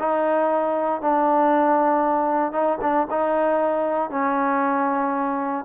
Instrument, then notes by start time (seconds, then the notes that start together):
trombone
0.00 D#4
1.02 D4
2.53 D#4
2.82 D4
3.11 D#4
4.11 C#4